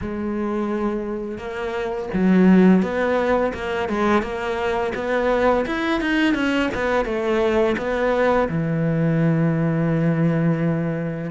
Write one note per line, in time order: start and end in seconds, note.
0.01 1.38 G#3
1.38 2.08 A#3
2.13 2.82 F#3
2.82 3.53 B3
3.54 3.88 A#3
3.88 4.22 G#3
4.22 4.93 A#3
4.94 5.65 B3
5.65 6.00 E4
6.00 6.34 D#4
6.34 6.69 C#4
6.74 7.05 B3
7.05 7.76 A3
7.77 8.48 B3
8.48 11.31 E3